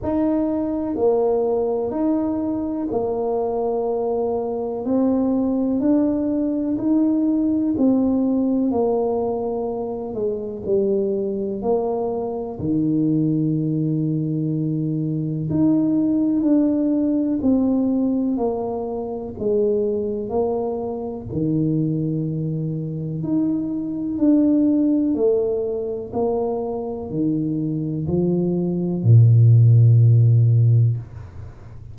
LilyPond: \new Staff \with { instrumentName = "tuba" } { \time 4/4 \tempo 4 = 62 dis'4 ais4 dis'4 ais4~ | ais4 c'4 d'4 dis'4 | c'4 ais4. gis8 g4 | ais4 dis2. |
dis'4 d'4 c'4 ais4 | gis4 ais4 dis2 | dis'4 d'4 a4 ais4 | dis4 f4 ais,2 | }